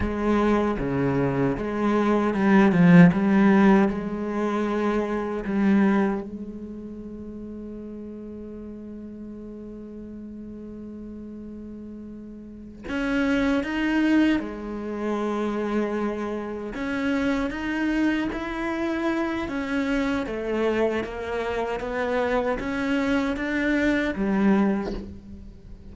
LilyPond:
\new Staff \with { instrumentName = "cello" } { \time 4/4 \tempo 4 = 77 gis4 cis4 gis4 g8 f8 | g4 gis2 g4 | gis1~ | gis1~ |
gis8 cis'4 dis'4 gis4.~ | gis4. cis'4 dis'4 e'8~ | e'4 cis'4 a4 ais4 | b4 cis'4 d'4 g4 | }